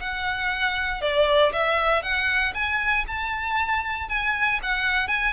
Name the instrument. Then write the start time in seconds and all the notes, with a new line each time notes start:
violin
0.00 F#5
1.02 D5
1.53 E5
2.03 F#5
2.54 G#5
3.08 A5
4.09 G#5
4.63 F#5
5.08 G#5